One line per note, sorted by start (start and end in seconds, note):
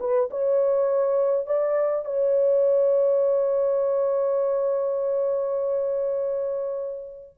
0.00 0.29 B4
0.30 1.47 C#5
1.47 2.05 D5
2.05 7.35 C#5